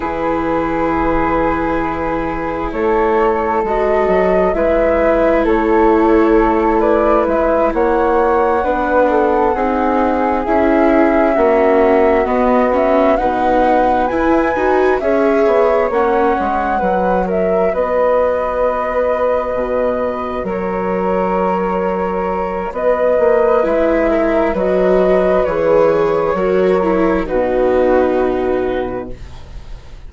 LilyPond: <<
  \new Staff \with { instrumentName = "flute" } { \time 4/4 \tempo 4 = 66 b'2. cis''4 | dis''4 e''4 cis''4. d''8 | e''8 fis''2. e''8~ | e''4. dis''8 e''8 fis''4 gis''8~ |
gis''8 e''4 fis''4. e''8 dis''8~ | dis''2~ dis''8 cis''4.~ | cis''4 dis''4 e''4 dis''4 | cis''2 b'2 | }
  \new Staff \with { instrumentName = "flute" } { \time 4/4 gis'2. a'4~ | a'4 b'4 a'4. b'8~ | b'8 cis''4 b'8 a'8 gis'4.~ | gis'8 fis'2 b'4.~ |
b'8 cis''2 b'8 ais'8 b'8~ | b'2~ b'8 ais'4.~ | ais'4 b'4. ais'8 b'4~ | b'4 ais'4 fis'2 | }
  \new Staff \with { instrumentName = "viola" } { \time 4/4 e'1 | fis'4 e'2.~ | e'4. d'4 dis'4 e'8~ | e'8 cis'4 b8 cis'8 dis'4 e'8 |
fis'8 gis'4 cis'4 fis'4.~ | fis'1~ | fis'2 e'4 fis'4 | gis'4 fis'8 e'8 dis'2 | }
  \new Staff \with { instrumentName = "bassoon" } { \time 4/4 e2. a4 | gis8 fis8 gis4 a2 | gis8 ais4 b4 c'4 cis'8~ | cis'8 ais4 b4 b,4 e'8 |
dis'8 cis'8 b8 ais8 gis8 fis4 b8~ | b4. b,4 fis4.~ | fis4 b8 ais8 gis4 fis4 | e4 fis4 b,2 | }
>>